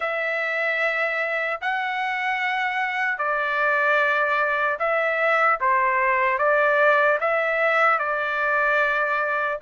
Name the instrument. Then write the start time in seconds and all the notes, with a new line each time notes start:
trumpet
0.00 E5
1.61 F#5
3.18 D5
4.79 E5
5.60 C5
6.38 D5
7.20 E5
7.99 D5